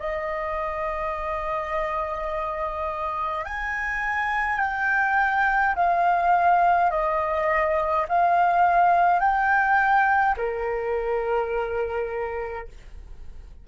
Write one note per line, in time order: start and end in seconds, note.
0.00 3.45 D#5
3.45 4.60 G#5
4.60 5.75 G5
5.76 6.91 F5
6.91 8.07 D#5
8.09 9.20 F5
9.20 10.36 G5
10.37 12.68 A#4